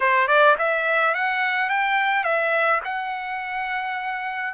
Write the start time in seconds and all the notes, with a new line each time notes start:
0.00 C5
0.27 D5
0.58 E5
1.14 F#5
1.69 G5
2.24 E5
2.84 F#5